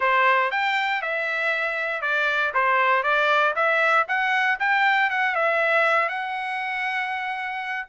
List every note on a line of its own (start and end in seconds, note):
0.00 0.51 C5
0.51 1.02 G5
1.02 2.01 E5
2.01 2.52 D5
2.54 3.03 C5
3.03 3.53 D5
3.55 4.06 E5
4.08 4.59 F#5
4.59 5.10 G5
5.10 5.35 F#5
5.35 6.09 E5
6.09 7.87 F#5